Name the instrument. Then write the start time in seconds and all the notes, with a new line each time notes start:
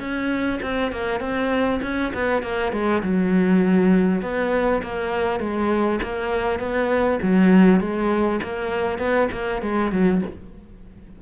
cello
0.00 C#4
0.62 C4
0.92 A#3
1.20 C4
1.83 C#4
2.14 B3
2.43 A#3
2.72 G#3
3.03 F#3
4.22 B3
4.83 A#3
5.40 G#3
6.03 A#3
6.60 B3
7.23 F#3
7.80 G#3
8.43 A#3
8.99 B3
9.32 A#3
9.62 G#3
9.92 F#3